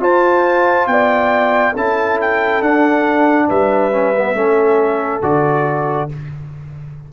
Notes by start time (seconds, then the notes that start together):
0.00 F4 C5 A5
0.87 B3 D5 G5
1.73 C#4 E4 A4 A5
2.21 G5
2.61 D4 F#5
3.48 G3 B4 E5
3.92 C#4
4.16 B3
4.34 A3 C#4 A4
5.22 D3 F#4 D5